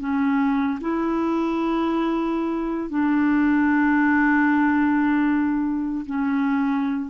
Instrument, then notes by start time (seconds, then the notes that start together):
clarinet
0.00 C#4
0.81 E4
2.89 D4
6.06 C#4